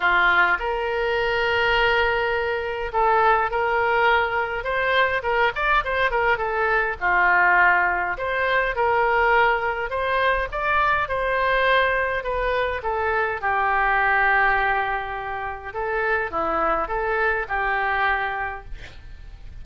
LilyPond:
\new Staff \with { instrumentName = "oboe" } { \time 4/4 \tempo 4 = 103 f'4 ais'2.~ | ais'4 a'4 ais'2 | c''4 ais'8 d''8 c''8 ais'8 a'4 | f'2 c''4 ais'4~ |
ais'4 c''4 d''4 c''4~ | c''4 b'4 a'4 g'4~ | g'2. a'4 | e'4 a'4 g'2 | }